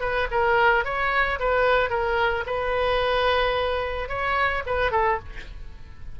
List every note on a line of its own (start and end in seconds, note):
0.00 0.27 B4
0.31 0.84 A#4
0.84 1.39 C#5
1.39 1.89 B4
1.89 2.44 A#4
2.46 4.08 B4
4.08 4.63 C#5
4.66 4.91 B4
4.91 5.19 A4